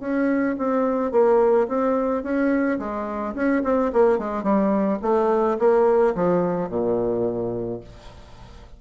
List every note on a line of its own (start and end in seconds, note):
0.00 0.56 C#4
0.58 1.12 C4
1.12 1.67 A#3
1.68 2.23 C4
2.23 2.79 C#4
2.79 3.34 G#3
3.35 3.63 C#4
3.64 3.92 C4
3.93 4.19 A#3
4.19 4.43 G#3
4.43 4.99 G3
5.02 5.58 A3
5.59 6.15 A#3
6.15 6.69 F3
6.69 7.80 A#2